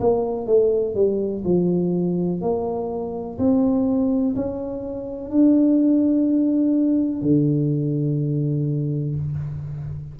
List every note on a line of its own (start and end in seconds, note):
0.00 0.47 A#3
0.47 0.95 A3
0.95 1.43 G3
1.45 2.41 F3
2.41 3.38 A#3
3.39 4.35 C4
4.35 5.30 C#4
5.30 7.22 D4
7.22 9.15 D3